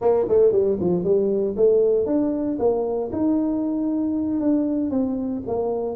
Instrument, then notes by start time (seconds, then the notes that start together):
tuba
0.01 A#3
0.28 A3
0.52 G3
0.79 F3
1.03 G3
1.56 A3
2.06 D4
2.59 A#3
3.12 D#4
4.40 D4
4.90 C4
5.46 A#3